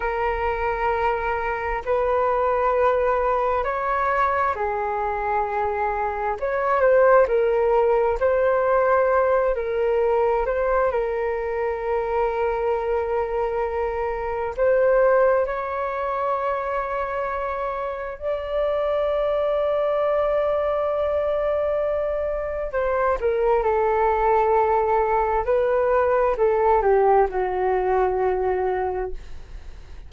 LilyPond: \new Staff \with { instrumentName = "flute" } { \time 4/4 \tempo 4 = 66 ais'2 b'2 | cis''4 gis'2 cis''8 c''8 | ais'4 c''4. ais'4 c''8 | ais'1 |
c''4 cis''2. | d''1~ | d''4 c''8 ais'8 a'2 | b'4 a'8 g'8 fis'2 | }